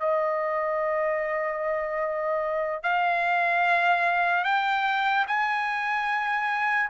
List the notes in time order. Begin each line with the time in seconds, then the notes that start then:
0.00 D#5
2.83 F5
4.44 G5
5.28 G#5